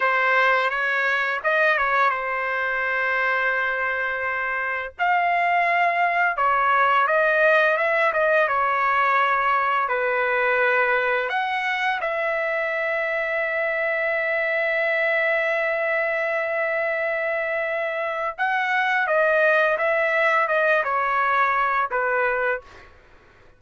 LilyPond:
\new Staff \with { instrumentName = "trumpet" } { \time 4/4 \tempo 4 = 85 c''4 cis''4 dis''8 cis''8 c''4~ | c''2. f''4~ | f''4 cis''4 dis''4 e''8 dis''8 | cis''2 b'2 |
fis''4 e''2.~ | e''1~ | e''2 fis''4 dis''4 | e''4 dis''8 cis''4. b'4 | }